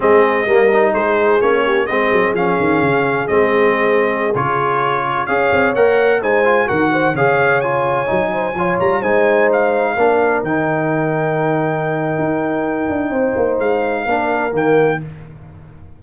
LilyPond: <<
  \new Staff \with { instrumentName = "trumpet" } { \time 4/4 \tempo 4 = 128 dis''2 c''4 cis''4 | dis''4 f''2 dis''4~ | dis''4~ dis''16 cis''2 f''8.~ | f''16 fis''4 gis''4 fis''4 f''8.~ |
f''16 gis''2~ gis''8 ais''8 gis''8.~ | gis''16 f''2 g''4.~ g''16~ | g''1~ | g''4 f''2 g''4 | }
  \new Staff \with { instrumentName = "horn" } { \time 4/4 gis'4 ais'4 gis'4. g'8 | gis'1~ | gis'2.~ gis'16 cis''8.~ | cis''4~ cis''16 c''4 ais'8 c''8 cis''8.~ |
cis''4.~ cis''16 c''8 cis''4 c''8.~ | c''4~ c''16 ais'2~ ais'8.~ | ais'1 | c''2 ais'2 | }
  \new Staff \with { instrumentName = "trombone" } { \time 4/4 c'4 ais8 dis'4. cis'4 | c'4 cis'2 c'4~ | c'4~ c'16 f'2 gis'8.~ | gis'16 ais'4 dis'8 f'8 fis'4 gis'8.~ |
gis'16 f'4 dis'4 f'4 dis'8.~ | dis'4~ dis'16 d'4 dis'4.~ dis'16~ | dis'1~ | dis'2 d'4 ais4 | }
  \new Staff \with { instrumentName = "tuba" } { \time 4/4 gis4 g4 gis4 ais4 | gis8 fis8 f8 dis8 cis4 gis4~ | gis4~ gis16 cis2 cis'8 c'16~ | c'16 ais4 gis4 dis4 cis8.~ |
cis4~ cis16 fis4 f8 g8 gis8.~ | gis4~ gis16 ais4 dis4.~ dis16~ | dis2 dis'4. d'8 | c'8 ais8 gis4 ais4 dis4 | }
>>